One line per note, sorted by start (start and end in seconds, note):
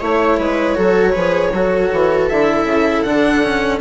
0.00 0.39 A3
0.00 0.75 E4
0.00 0.38 C#5
0.00 2.29 C#5
0.39 0.77 G#3
0.39 0.76 B4
0.75 1.16 F#3
0.75 1.13 F#4
0.75 1.12 A4
1.12 1.52 F3
1.12 1.51 G#4
1.12 1.50 B4
1.52 1.90 F#3
1.52 2.31 F#4
1.52 3.81 A4
1.93 2.31 E3
2.29 2.64 D3
2.29 3.06 E4
2.29 3.03 E5
2.64 3.02 C#3
3.03 3.81 D3
3.03 3.44 D4
3.03 3.79 F#5
3.44 3.81 C#4